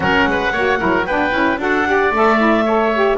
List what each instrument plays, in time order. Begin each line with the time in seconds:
0.00 double bass F#3, saxophone C#4, oboe A#4, clarinet F#5
0.26 double bass G#3, oboe B4
0.52 double bass A#3, saxophone F#4, oboe C#5
0.78 double bass F#3, saxophone E4, oboe A#4
1.05 double bass B3, saxophone D4, oboe B4, clarinet G5
1.31 double bass C#4, saxophone E4
1.58 double bass D4, saxophone F#4, oboe A4, clarinet F#5
1.86 saxophone G4, oboe D5
2.10 double bass A3, saxophone A4, clarinet E5
2.37 saxophone E4
2.65 saxophone A4, oboe C#5
2.94 saxophone G4